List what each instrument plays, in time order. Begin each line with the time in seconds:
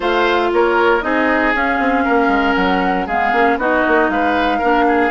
0.00 bassoon A3, clarinet F4, oboe C5, flute F5
0.52 bassoon A#3, oboe A#4, flute C#5
1.01 bassoon C4, clarinet D#4, oboe G#4, flute D#5
1.53 bassoon C#4, clarinet C#4, flute F5
1.79 bassoon C4
2.04 bassoon A#3, oboe A#4
2.28 bassoon G#3
2.54 bassoon F#3, flute F#5
3.06 bassoon G#3, clarinet B3, oboe G#4, flute F5
3.32 bassoon A#3, clarinet C#4
3.57 bassoon B3, clarinet D#4, oboe F#4, flute D#5
3.87 bassoon A#3
4.08 bassoon G#3, oboe B4, flute F5
4.58 bassoon A#3, clarinet D4, oboe A#4
4.87 oboe G#4